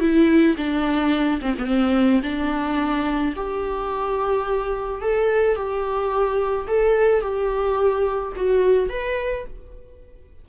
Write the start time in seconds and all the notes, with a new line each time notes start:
0.00 E4
0.57 D4
1.41 C4
1.58 B3
1.65 C4
2.23 D4
3.36 G4
5.02 A4
5.56 G4
6.67 A4
7.21 G4
8.36 F#4
8.89 B4